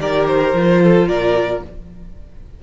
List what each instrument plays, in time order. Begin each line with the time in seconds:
0.00 cello D#3, viola G4, violin A#4 D5
0.27 violin C5
0.54 cello F3, viola F4
0.83 violin A4
1.08 cello A#2, violin A#4 D5